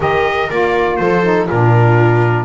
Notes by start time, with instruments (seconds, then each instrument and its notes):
0.00 double bass D#3, saxophone G4, viola A#4, trumpet D#5
0.50 double bass A#3, saxophone F4, trumpet D5
0.96 double bass F3, viola A4, trumpet C5
1.23 saxophone D#4
1.48 double bass A#2, saxophone D4, viola F4, trumpet A#4